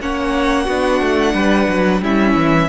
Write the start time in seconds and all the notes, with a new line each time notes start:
0.00 A#3 C#4 C#5 F#5
0.64 B3 D4 F#4
1.01 A3
1.34 G3 B4
1.68 F#3
2.00 G3 C#4 E4 E5
2.36 E3